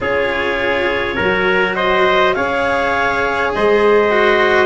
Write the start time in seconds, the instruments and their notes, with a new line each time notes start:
0.00 tuba C#4, cello F4, trumpet G#4, clarinet C#5
1.15 tuba F#3, cello F#4, trumpet A#4
1.75 trumpet C5, clarinet D#5
2.34 tuba C#4, cello G#4, trumpet C#5, clarinet F5
3.53 tuba G#3, trumpet C5, clarinet D#5
4.11 cello F#4